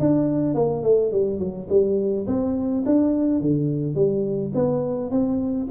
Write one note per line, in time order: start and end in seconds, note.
0.00 0.55 D4
0.55 0.83 A#3
0.83 1.12 A3
1.12 1.39 G3
1.39 1.68 F#3
1.70 2.27 G3
2.27 2.84 C4
2.86 3.41 D4
3.41 3.95 D3
3.95 4.52 G3
4.55 5.11 B3
5.11 5.68 C4